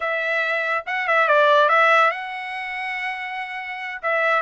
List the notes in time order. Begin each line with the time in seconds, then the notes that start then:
0.00 E5
0.86 F#5
1.07 E5
1.28 D5
1.68 E5
2.10 F#5
4.02 E5